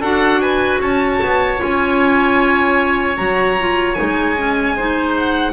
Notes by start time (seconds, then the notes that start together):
0.00 D4 F#4 A4 F#5
0.41 B4 G#5
0.80 C#4 C#5 A5
1.22 B3
1.58 C#4 F4 G#5
3.16 F#3 F#4 A#5
3.60 F4
3.94 D#4 G#5
4.00 G#3
4.37 C#4
4.76 D#4 C5
5.17 F#5